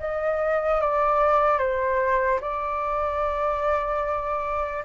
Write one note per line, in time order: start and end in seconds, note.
0.00 0.81 D#5
0.81 1.59 D5
1.59 2.40 C5
2.41 4.84 D5